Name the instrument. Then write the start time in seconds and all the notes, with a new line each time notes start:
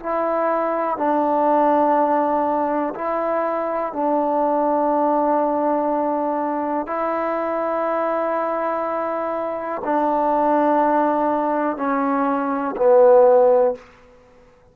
trombone
0.00 E4
0.97 D4
2.95 E4
3.93 D4
6.87 E4
9.85 D4
11.77 C#4
12.76 B3